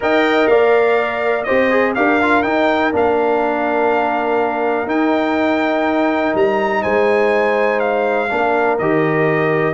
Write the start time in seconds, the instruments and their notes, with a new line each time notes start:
0.00 tuba D#4, trombone A#4, horn D#5, trumpet G5
0.47 tuba A#3, horn D5, trumpet F5
1.43 tuba C4, trombone G4, horn C5, trumpet D#5
1.71 trombone G#4
1.94 tuba D4, trombone G4, horn A#4, trumpet F5
2.22 trombone F4
2.42 trombone D#4, tuba D#4, trumpet G5
2.91 tuba A#3, trombone D4, trumpet F5
4.86 tuba D#4, trombone D#4, trumpet G5
6.34 tuba G3, trumpet A#5
6.82 tuba G#3, horn C5, trumpet G#5
7.79 trumpet F5
8.29 tuba A#3, trombone D4, horn A#4
8.78 tuba D#3, trombone G4, trumpet D#5